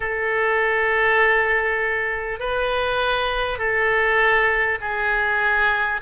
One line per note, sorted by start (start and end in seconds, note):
0.00 2.39 A4
2.39 3.58 B4
3.58 4.78 A4
4.80 6.00 G#4